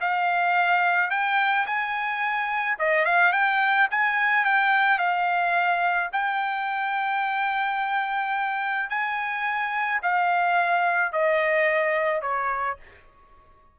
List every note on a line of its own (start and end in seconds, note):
0.00 1.10 F5
1.10 1.65 G5
1.66 2.77 G#5
2.79 3.05 D#5
3.05 3.32 F5
3.32 3.88 G5
3.90 4.44 G#5
4.44 4.98 G5
4.98 6.09 F5
6.12 8.89 G5
8.89 10.00 G#5
10.02 11.12 F5
11.12 12.21 D#5
12.21 12.77 C#5